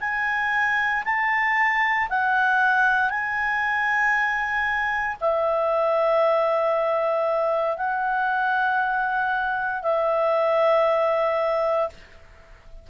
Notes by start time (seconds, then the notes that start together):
0.00 G#5
1.04 A5
2.10 F#5
3.10 G#5
5.21 E5
7.77 F#5
9.82 E5